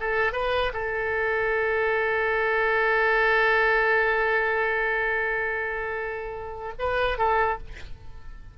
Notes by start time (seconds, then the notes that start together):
0.00 A4
0.32 B4
0.73 A4
6.79 B4
7.18 A4